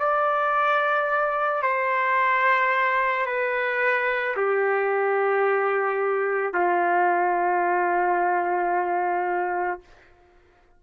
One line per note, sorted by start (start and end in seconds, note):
0.00 1.63 D5
1.63 3.26 C5
3.27 4.36 B4
4.37 6.54 G4
6.54 9.81 F4